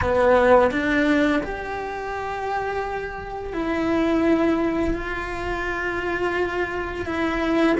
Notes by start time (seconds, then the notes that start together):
0.01 B3
0.71 D4
1.42 G4
3.53 E4
4.94 F4
7.06 E4